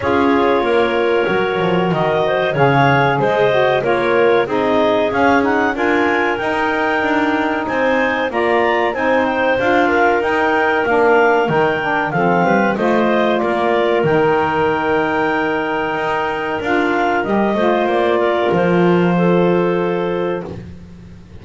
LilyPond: <<
  \new Staff \with { instrumentName = "clarinet" } { \time 4/4 \tempo 4 = 94 cis''2. dis''4 | f''4 dis''4 cis''4 dis''4 | f''8 fis''8 gis''4 g''2 | gis''4 ais''4 gis''8 g''8 f''4 |
g''4 f''4 g''4 f''4 | dis''4 d''4 g''2~ | g''2 f''4 dis''4 | d''4 c''2. | }
  \new Staff \with { instrumentName = "clarinet" } { \time 4/4 gis'4 ais'2~ ais'8 c''8 | cis''4 c''4 ais'4 gis'4~ | gis'4 ais'2. | c''4 d''4 c''4. ais'8~ |
ais'2. a'8 b'8 | c''4 ais'2.~ | ais'2.~ ais'8 c''8~ | c''8 ais'4. a'2 | }
  \new Staff \with { instrumentName = "saxophone" } { \time 4/4 f'2 fis'2 | gis'4. fis'8 f'4 dis'4 | cis'8 dis'8 f'4 dis'2~ | dis'4 f'4 dis'4 f'4 |
dis'4 d'4 dis'8 d'8 c'4 | f'2 dis'2~ | dis'2 f'4 g'8 f'8~ | f'1 | }
  \new Staff \with { instrumentName = "double bass" } { \time 4/4 cis'4 ais4 fis8 f8 dis4 | cis4 gis4 ais4 c'4 | cis'4 d'4 dis'4 d'4 | c'4 ais4 c'4 d'4 |
dis'4 ais4 dis4 f8 g8 | a4 ais4 dis2~ | dis4 dis'4 d'4 g8 a8 | ais4 f2. | }
>>